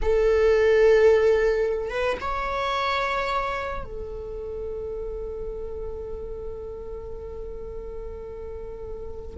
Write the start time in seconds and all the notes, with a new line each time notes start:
0.02 A4
1.90 B4
2.20 C#5
3.84 A4